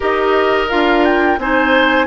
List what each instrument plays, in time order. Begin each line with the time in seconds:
0.00 bassoon D#4, clarinet G4, oboe A#4, flute D#5
0.69 bassoon D4, clarinet F4, flute F5
1.04 flute G5
1.38 bassoon C4, clarinet D#4, oboe C5, flute G#5